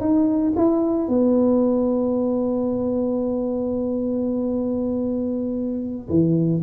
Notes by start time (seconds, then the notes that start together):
0.00 D#4
0.56 E4
1.08 B3
6.08 E3